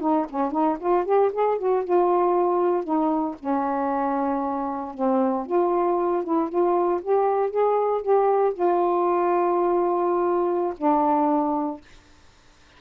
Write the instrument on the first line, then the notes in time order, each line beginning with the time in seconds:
saxophone
0.00 D#4
0.29 C#4
0.51 D#4
0.79 F4
1.05 G4
1.32 G#4
1.58 F#4
1.84 F4
2.84 D#4
3.39 C#4
4.94 C4
5.46 F4
6.24 E4
6.49 F4
7.02 G4
7.50 G#4
8.02 G4
8.54 F4
10.77 D4